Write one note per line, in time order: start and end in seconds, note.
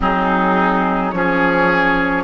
0.00 1.13 F#3
0.00 1.12 C4
0.00 1.14 D#4
0.00 1.11 G#4
1.11 2.23 F3
1.11 2.23 C#4
1.11 2.23 G#4
1.11 2.23 C#5